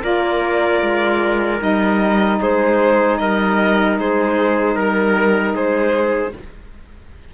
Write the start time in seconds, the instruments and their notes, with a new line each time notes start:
0.00 cello A#3, saxophone F4, trumpet A#4, violin D5
0.82 cello G#3
1.58 cello G3, saxophone D#4, violin D#5
2.41 cello G#3, trumpet G#4, violin C5
3.18 cello G3, trumpet A#4, violin D#5
3.98 cello G#3, trumpet G#4, violin C5
4.75 cello G3, trumpet A#4, violin A#4
5.54 cello G#3, trumpet G#4, violin C5